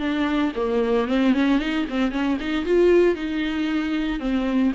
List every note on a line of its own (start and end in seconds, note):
0.00 0.53 D4
0.56 1.08 A#3
1.08 1.34 C4
1.34 1.59 C#4
1.59 1.85 D#4
1.90 2.12 C4
2.12 2.38 C#4
2.40 2.66 D#4
2.66 3.16 F4
3.16 4.20 D#4
4.20 4.73 C4